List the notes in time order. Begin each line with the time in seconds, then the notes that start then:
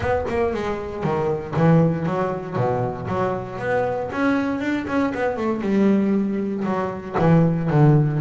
0.00 B3
0.28 A#3
0.53 G#3
1.03 D#3
1.56 E3
2.05 F#3
2.56 B2
3.07 F#3
3.59 B3
4.12 C#4
4.60 D4
4.87 C#4
5.14 B3
5.36 A3
5.61 G3
6.64 F#3
7.18 E3
7.70 D3